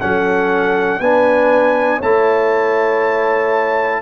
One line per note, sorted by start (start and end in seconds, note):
0.00 0.99 F#3
0.00 1.00 C#4
0.00 1.00 A4
0.00 1.00 F#5
0.99 1.99 B3
0.99 2.01 D4
0.99 1.98 B4
0.99 2.00 G#5
1.98 4.01 A3
1.98 4.01 E4
1.98 3.98 C#5
1.98 4.01 A5